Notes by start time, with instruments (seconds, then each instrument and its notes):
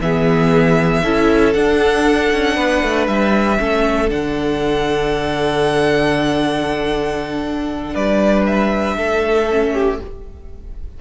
0.00 cello E3, viola B3, violin G#4 E5
1.03 cello C#4, viola E4, violin A4
1.53 cello D4, viola D4, violin F#5
2.33 cello C#4
2.56 cello B3, violin B4
2.83 cello A3
3.08 cello G3, violin E5
3.59 cello A3, viola C#4, violin A4
4.09 cello D3, viola D4, violin F#5
7.94 cello G3, violin B4 D5
8.47 violin E5
8.97 cello A3, violin A4
9.50 viola C#4
9.73 violin G4